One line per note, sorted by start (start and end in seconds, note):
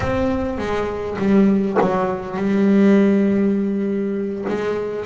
0.00 0.58 C4
0.58 1.17 G#3
1.18 1.77 G3
1.81 2.37 F#3
2.37 4.44 G3
4.48 5.05 G#3